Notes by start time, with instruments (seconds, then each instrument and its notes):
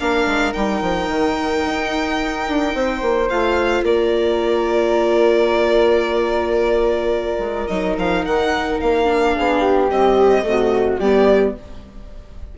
0.00 bassoon A#3, viola D4, flute A#4, violin F5
0.26 bassoon G#3
0.53 bassoon G3, viola D#4, violin G5
0.82 bassoon F3
1.09 bassoon D#3
1.65 bassoon D#4
2.48 bassoon D4
2.75 bassoon C4, flute C5
3.01 bassoon A#3
3.29 bassoon A3, viola F4, violin F5
3.82 bassoon A#3, flute A#4, violin D5
7.39 bassoon G#3
7.67 bassoon F#3, viola D#4, violin D#5
7.98 bassoon F3, violin F5
8.25 bassoon D#3, violin F#5
8.80 bassoon A#3, violin F5
9.05 viola D4
9.36 bassoon B3, flute G#4
9.61 flute G4
9.87 viola G3, bassoon C4, violin D#5
10.43 bassoon C3, viola A3, flute F#4
10.99 bassoon G3, viola B3, flute G4, violin D5